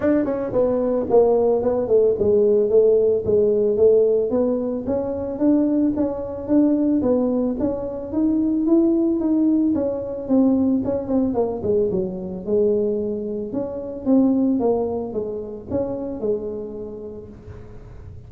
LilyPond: \new Staff \with { instrumentName = "tuba" } { \time 4/4 \tempo 4 = 111 d'8 cis'8 b4 ais4 b8 a8 | gis4 a4 gis4 a4 | b4 cis'4 d'4 cis'4 | d'4 b4 cis'4 dis'4 |
e'4 dis'4 cis'4 c'4 | cis'8 c'8 ais8 gis8 fis4 gis4~ | gis4 cis'4 c'4 ais4 | gis4 cis'4 gis2 | }